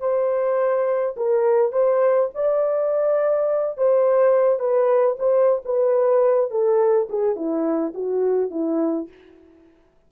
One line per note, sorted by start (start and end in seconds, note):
0.00 1.15 C5
1.17 1.72 A#4
1.72 2.30 C5
2.35 3.77 D5
3.77 4.60 C5
4.60 5.17 B4
5.19 5.62 C5
5.65 6.51 B4
6.51 7.08 A4
7.10 7.36 G#4
7.36 7.94 E4
7.94 8.51 F#4
8.51 9.08 E4